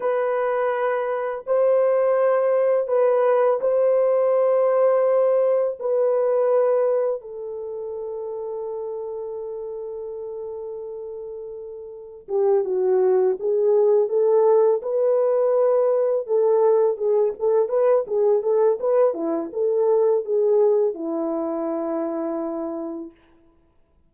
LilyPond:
\new Staff \with { instrumentName = "horn" } { \time 4/4 \tempo 4 = 83 b'2 c''2 | b'4 c''2. | b'2 a'2~ | a'1~ |
a'4 g'8 fis'4 gis'4 a'8~ | a'8 b'2 a'4 gis'8 | a'8 b'8 gis'8 a'8 b'8 e'8 a'4 | gis'4 e'2. | }